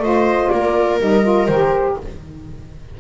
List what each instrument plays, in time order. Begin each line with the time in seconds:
0.00 double bass A3, saxophone F4, viola C5, flute D#5
0.50 double bass A#3, viola A#4, flute D5
1.00 double bass G3, saxophone D#4, flute D#5
1.24 saxophone F4
1.47 double bass D#3, saxophone G4, flute C5